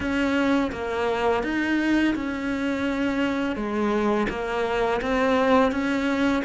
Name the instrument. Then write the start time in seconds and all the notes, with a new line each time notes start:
cello
0.00 C#4
0.71 A#3
1.43 D#4
2.15 C#4
3.56 G#3
4.29 A#3
5.01 C4
5.71 C#4